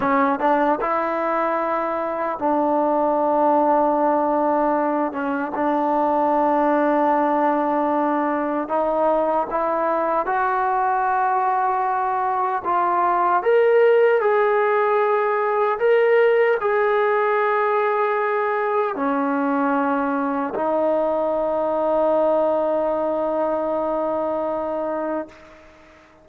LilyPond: \new Staff \with { instrumentName = "trombone" } { \time 4/4 \tempo 4 = 76 cis'8 d'8 e'2 d'4~ | d'2~ d'8 cis'8 d'4~ | d'2. dis'4 | e'4 fis'2. |
f'4 ais'4 gis'2 | ais'4 gis'2. | cis'2 dis'2~ | dis'1 | }